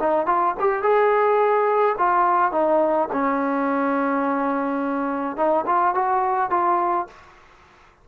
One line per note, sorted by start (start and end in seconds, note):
0.00 0.26 D#4
0.26 0.55 F4
0.60 0.83 G4
0.83 1.96 G#4
1.98 2.52 F4
2.52 3.08 D#4
3.12 5.37 C#4
5.37 5.65 D#4
5.66 5.95 F4
5.95 6.50 F#4
6.50 7.07 F4